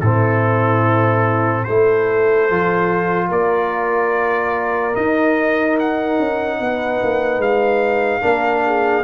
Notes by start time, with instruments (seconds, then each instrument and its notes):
0.00 tuba A2, trombone C4, horn E4, trumpet A4
1.64 tuba A3, trombone E4, horn A4, trumpet C5
2.50 tuba F3, trombone F4
3.29 tuba A#3, horn A#4, trumpet D5
4.94 trombone D#4, tuba D#4, trumpet D#5
5.79 trumpet F#5
6.19 tuba C#4
6.59 tuba B3, horn B4
7.03 tuba A#3
7.38 tuba G#3, trumpet F5
8.21 tuba A#3, trombone D4, horn A#4
8.66 horn G#4